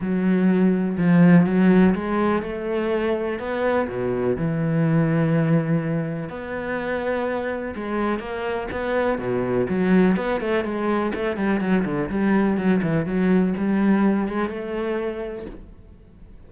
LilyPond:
\new Staff \with { instrumentName = "cello" } { \time 4/4 \tempo 4 = 124 fis2 f4 fis4 | gis4 a2 b4 | b,4 e2.~ | e4 b2. |
gis4 ais4 b4 b,4 | fis4 b8 a8 gis4 a8 g8 | fis8 d8 g4 fis8 e8 fis4 | g4. gis8 a2 | }